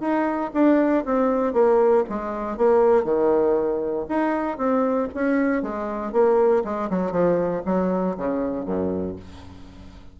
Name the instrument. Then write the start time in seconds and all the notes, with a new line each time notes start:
bassoon
0.00 D#4
0.53 D4
1.05 C4
1.53 A#3
2.09 G#3
2.57 A#3
3.04 D#3
4.09 D#4
4.57 C4
5.14 C#4
5.62 G#3
6.12 A#3
6.64 G#3
6.90 F#3
7.11 F3
7.65 F#3
8.17 C#3
8.65 F#2